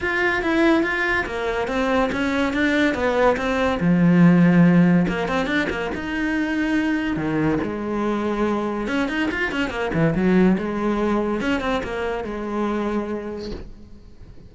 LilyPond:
\new Staff \with { instrumentName = "cello" } { \time 4/4 \tempo 4 = 142 f'4 e'4 f'4 ais4 | c'4 cis'4 d'4 b4 | c'4 f2. | ais8 c'8 d'8 ais8 dis'2~ |
dis'4 dis4 gis2~ | gis4 cis'8 dis'8 f'8 cis'8 ais8 e8 | fis4 gis2 cis'8 c'8 | ais4 gis2. | }